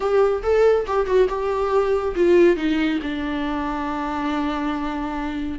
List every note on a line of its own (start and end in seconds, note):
0.00 0.42 G4
0.43 0.86 A4
0.86 1.06 G4
1.06 1.28 F#4
1.29 2.14 G4
2.15 2.56 F4
2.56 2.99 D#4
3.02 5.59 D4